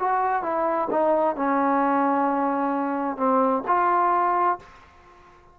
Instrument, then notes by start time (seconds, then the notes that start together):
trombone
0.00 F#4
0.43 E4
0.91 D#4
1.36 C#4
3.17 C4
3.68 F4